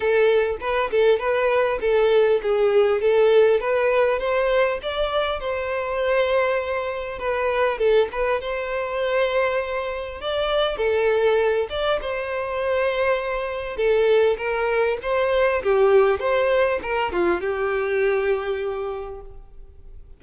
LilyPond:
\new Staff \with { instrumentName = "violin" } { \time 4/4 \tempo 4 = 100 a'4 b'8 a'8 b'4 a'4 | gis'4 a'4 b'4 c''4 | d''4 c''2. | b'4 a'8 b'8 c''2~ |
c''4 d''4 a'4. d''8 | c''2. a'4 | ais'4 c''4 g'4 c''4 | ais'8 f'8 g'2. | }